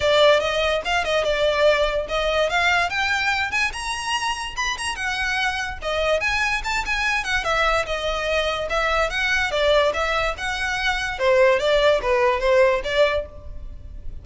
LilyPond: \new Staff \with { instrumentName = "violin" } { \time 4/4 \tempo 4 = 145 d''4 dis''4 f''8 dis''8 d''4~ | d''4 dis''4 f''4 g''4~ | g''8 gis''8 ais''2 b''8 ais''8 | fis''2 dis''4 gis''4 |
a''8 gis''4 fis''8 e''4 dis''4~ | dis''4 e''4 fis''4 d''4 | e''4 fis''2 c''4 | d''4 b'4 c''4 d''4 | }